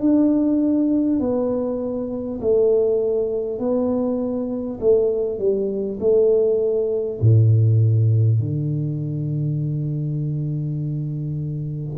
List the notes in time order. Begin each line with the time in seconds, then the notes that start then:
0.00 D4
1.19 B3
2.41 A3
3.59 B3
4.80 A3
5.39 G3
6.00 A3
7.21 A2
8.39 D3